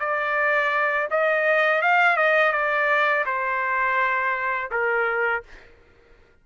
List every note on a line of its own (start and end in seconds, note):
0.00 1.08 D5
1.11 1.82 D#5
1.82 2.17 F5
2.17 2.52 D#5
2.52 3.25 D5
3.26 4.71 C5
4.71 5.43 A#4